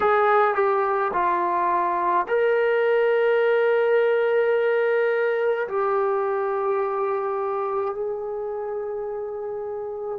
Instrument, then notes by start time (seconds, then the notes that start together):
trombone
0.00 G#4
0.55 G4
1.13 F4
2.27 A#4
5.68 G4
7.94 G#4